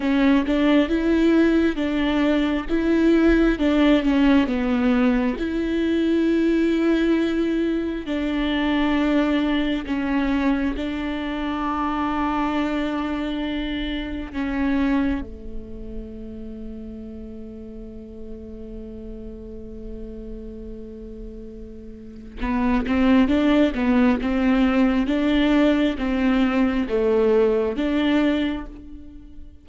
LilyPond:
\new Staff \with { instrumentName = "viola" } { \time 4/4 \tempo 4 = 67 cis'8 d'8 e'4 d'4 e'4 | d'8 cis'8 b4 e'2~ | e'4 d'2 cis'4 | d'1 |
cis'4 a2.~ | a1~ | a4 b8 c'8 d'8 b8 c'4 | d'4 c'4 a4 d'4 | }